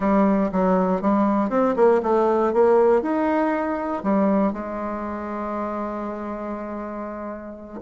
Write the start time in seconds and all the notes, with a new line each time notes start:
0.00 G3
0.52 F#3
1.01 G3
1.49 C4
1.76 A#3
2.03 A3
2.53 A#3
3.02 D#4
4.03 G3
4.52 G#3